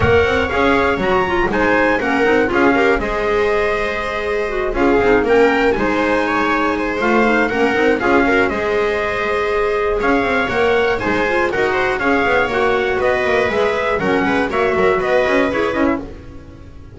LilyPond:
<<
  \new Staff \with { instrumentName = "trumpet" } { \time 4/4 \tempo 4 = 120 fis''4 f''4 ais''4 gis''4 | fis''4 f''4 dis''2~ | dis''4. f''4 g''4 gis''8~ | gis''2 f''4 fis''4 |
f''4 dis''2. | f''4 fis''4 gis''4 fis''4 | f''4 fis''4 dis''4 e''4 | fis''4 e''4 dis''4 cis''8 dis''16 e''16 | }
  \new Staff \with { instrumentName = "viola" } { \time 4/4 cis''2. c''4 | ais'4 gis'8 ais'8 c''2~ | c''4. gis'4 ais'4 c''8~ | c''8 cis''4 c''4. ais'4 |
gis'8 ais'8 c''2. | cis''2 c''4 ais'8 c''8 | cis''2 b'2 | ais'8 b'8 cis''8 ais'8 b'2 | }
  \new Staff \with { instrumentName = "clarinet" } { \time 4/4 ais'4 gis'4 fis'8 f'8 dis'4 | cis'8 dis'8 f'8 g'8 gis'2~ | gis'4 fis'8 f'8 dis'8 cis'4 dis'8~ | dis'2 f'8 dis'8 cis'8 dis'8 |
f'8 fis'8 gis'2.~ | gis'4 ais'4 dis'8 f'8 fis'4 | gis'4 fis'2 gis'4 | cis'4 fis'2 gis'8 e'8 | }
  \new Staff \with { instrumentName = "double bass" } { \time 4/4 ais8 c'8 cis'4 fis4 gis4 | ais8 c'8 cis'4 gis2~ | gis4. cis'8 c'8 ais4 gis8~ | gis2 a4 ais8 c'8 |
cis'4 gis2. | cis'8 c'8 ais4 gis4 dis'4 | cis'8 b8 ais4 b8 ais8 gis4 | fis8 gis8 ais8 fis8 b8 cis'8 e'8 cis'8 | }
>>